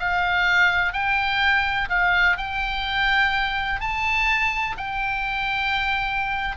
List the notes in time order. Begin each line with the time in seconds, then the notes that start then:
0.00 F5
0.93 G5
1.90 F5
2.37 G5
3.81 A5
4.78 G5